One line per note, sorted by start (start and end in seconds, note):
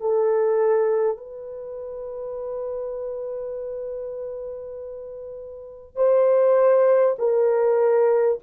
0.00 1.17 A4
1.17 5.96 B4
5.96 7.16 C5
7.18 8.38 A#4